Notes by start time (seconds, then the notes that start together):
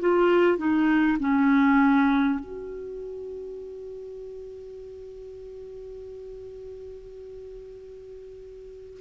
0.00 F4
0.57 D#4
1.19 C#4
2.39 F#4